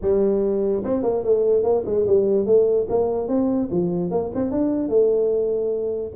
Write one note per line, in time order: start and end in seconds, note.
0.01 0.83 G3
0.83 1.03 C4
1.03 1.23 A#3
1.23 1.63 A3
1.63 1.83 A#3
1.85 2.05 G#3
2.06 2.46 G3
2.46 2.87 A3
2.89 3.28 A#3
3.28 3.69 C4
3.71 4.10 F3
4.10 4.31 A#3
4.34 4.51 C4
4.51 4.88 D4
4.88 6.12 A3